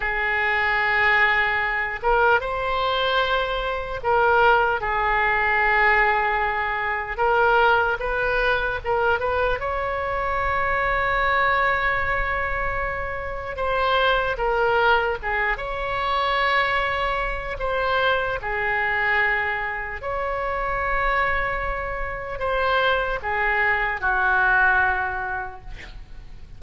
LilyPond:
\new Staff \with { instrumentName = "oboe" } { \time 4/4 \tempo 4 = 75 gis'2~ gis'8 ais'8 c''4~ | c''4 ais'4 gis'2~ | gis'4 ais'4 b'4 ais'8 b'8 | cis''1~ |
cis''4 c''4 ais'4 gis'8 cis''8~ | cis''2 c''4 gis'4~ | gis'4 cis''2. | c''4 gis'4 fis'2 | }